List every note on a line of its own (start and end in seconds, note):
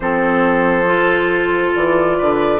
0.00 1.73 F3
0.00 0.85 C4
0.00 2.17 A4
0.00 1.72 C5
0.85 2.59 F4
1.75 2.19 E3
1.75 2.59 D5
2.17 2.59 D3
2.17 2.59 B4